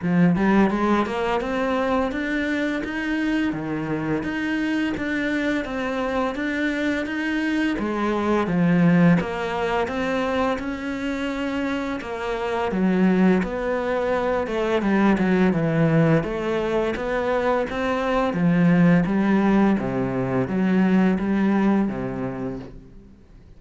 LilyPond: \new Staff \with { instrumentName = "cello" } { \time 4/4 \tempo 4 = 85 f8 g8 gis8 ais8 c'4 d'4 | dis'4 dis4 dis'4 d'4 | c'4 d'4 dis'4 gis4 | f4 ais4 c'4 cis'4~ |
cis'4 ais4 fis4 b4~ | b8 a8 g8 fis8 e4 a4 | b4 c'4 f4 g4 | c4 fis4 g4 c4 | }